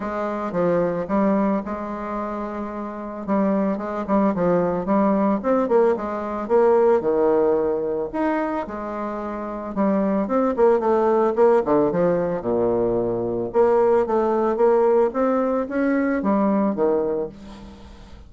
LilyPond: \new Staff \with { instrumentName = "bassoon" } { \time 4/4 \tempo 4 = 111 gis4 f4 g4 gis4~ | gis2 g4 gis8 g8 | f4 g4 c'8 ais8 gis4 | ais4 dis2 dis'4 |
gis2 g4 c'8 ais8 | a4 ais8 d8 f4 ais,4~ | ais,4 ais4 a4 ais4 | c'4 cis'4 g4 dis4 | }